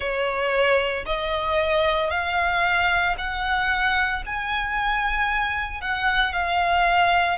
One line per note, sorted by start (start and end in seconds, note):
0.00 1.04 C#5
1.06 2.10 D#5
2.10 3.15 F5
3.18 4.23 F#5
4.25 5.81 G#5
5.81 6.32 F#5
6.32 7.37 F5